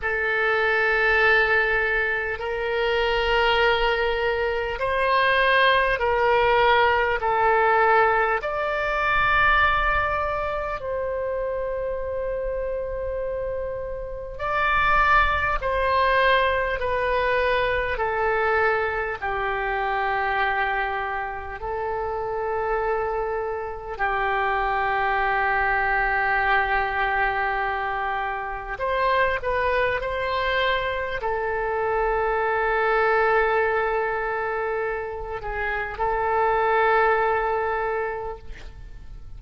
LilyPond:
\new Staff \with { instrumentName = "oboe" } { \time 4/4 \tempo 4 = 50 a'2 ais'2 | c''4 ais'4 a'4 d''4~ | d''4 c''2. | d''4 c''4 b'4 a'4 |
g'2 a'2 | g'1 | c''8 b'8 c''4 a'2~ | a'4. gis'8 a'2 | }